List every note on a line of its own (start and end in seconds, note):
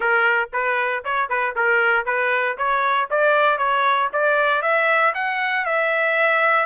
0.00 0.49 A#4
0.52 1.04 B4
1.04 1.29 C#5
1.29 1.55 B4
1.55 2.05 A#4
2.05 2.57 B4
2.57 3.08 C#5
3.10 3.58 D5
3.58 4.09 C#5
4.13 4.62 D5
4.62 5.13 E5
5.14 5.65 F#5
5.65 6.65 E5